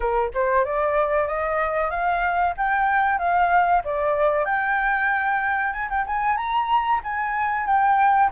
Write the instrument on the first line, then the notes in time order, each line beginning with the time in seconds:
flute
0.00 A#4
0.34 C5
0.64 D5
1.27 D#5
1.90 F5
2.57 G5
3.18 F5
3.84 D5
4.45 G5
5.72 G#5
5.89 G5
6.06 G#5
6.37 A#5
7.03 G#5
7.66 G5